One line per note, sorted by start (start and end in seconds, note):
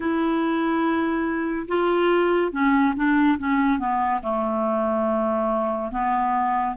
0.00 1.66 E4
1.67 2.51 F4
2.51 2.93 C#4
2.95 3.38 D4
3.38 3.78 C#4
3.78 4.21 B3
4.22 5.91 A3
5.91 6.76 B3